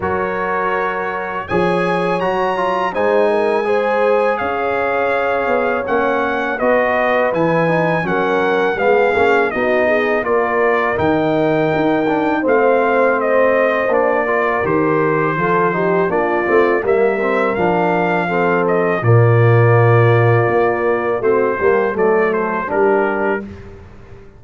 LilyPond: <<
  \new Staff \with { instrumentName = "trumpet" } { \time 4/4 \tempo 4 = 82 cis''2 gis''4 ais''4 | gis''2 f''2 | fis''4 dis''4 gis''4 fis''4 | f''4 dis''4 d''4 g''4~ |
g''4 f''4 dis''4 d''4 | c''2 d''4 e''4 | f''4. dis''8 d''2~ | d''4 c''4 d''8 c''8 ais'4 | }
  \new Staff \with { instrumentName = "horn" } { \time 4/4 ais'2 cis''2 | c''8 ais'8 c''4 cis''2~ | cis''4 b'2 ais'4 | gis'4 fis'8 gis'8 ais'2~ |
ais'4 c''2~ c''8 ais'8~ | ais'4 a'8 g'8 f'4 ais'4~ | ais'4 a'4 f'2~ | f'4 fis'8 g'8 a'4 g'4 | }
  \new Staff \with { instrumentName = "trombone" } { \time 4/4 fis'2 gis'4 fis'8 f'8 | dis'4 gis'2. | cis'4 fis'4 e'8 dis'8 cis'4 | b8 cis'8 dis'4 f'4 dis'4~ |
dis'8 d'8 c'2 d'8 f'8 | g'4 f'8 dis'8 d'8 c'8 ais8 c'8 | d'4 c'4 ais2~ | ais4 c'8 ais8 a4 d'4 | }
  \new Staff \with { instrumentName = "tuba" } { \time 4/4 fis2 f4 fis4 | gis2 cis'4. b8 | ais4 b4 e4 fis4 | gis8 ais8 b4 ais4 dis4 |
dis'4 a2 ais4 | dis4 f4 ais8 a8 g4 | f2 ais,2 | ais4 a8 g8 fis4 g4 | }
>>